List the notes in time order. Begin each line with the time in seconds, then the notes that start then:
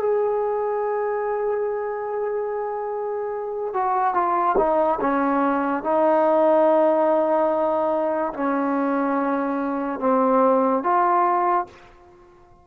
0.00 G#4
3.73 F#4
4.14 F4
4.58 D#4
5.01 C#4
5.83 D#4
8.34 C#4
10.00 C4
10.83 F4